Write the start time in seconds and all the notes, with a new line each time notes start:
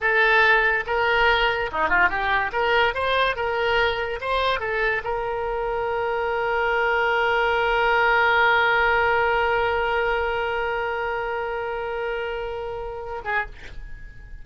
0.00 A4
0.86 A#4
1.72 D#4
1.89 F4
2.09 G4
2.52 A#4
2.94 C5
3.35 A#4
4.20 C5
4.59 A4
5.04 A#4
13.24 G#4